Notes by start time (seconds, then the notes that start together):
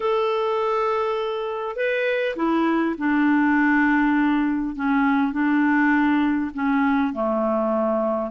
0.00 A4
1.76 B4
2.36 E4
2.98 D4
4.75 C#4
5.32 D4
6.53 C#4
7.13 A3